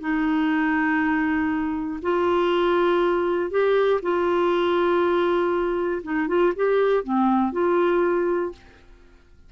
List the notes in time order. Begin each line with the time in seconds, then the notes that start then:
0.00 D#4
2.02 F4
3.51 G4
4.02 F4
6.03 D#4
6.28 F4
6.56 G4
7.04 C4
7.52 F4